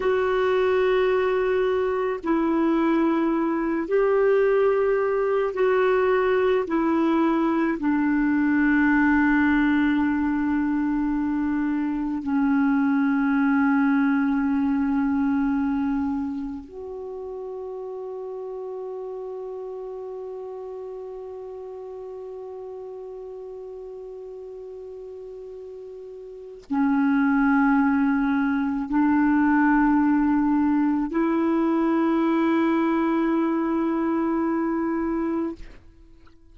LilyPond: \new Staff \with { instrumentName = "clarinet" } { \time 4/4 \tempo 4 = 54 fis'2 e'4. g'8~ | g'4 fis'4 e'4 d'4~ | d'2. cis'4~ | cis'2. fis'4~ |
fis'1~ | fis'1 | cis'2 d'2 | e'1 | }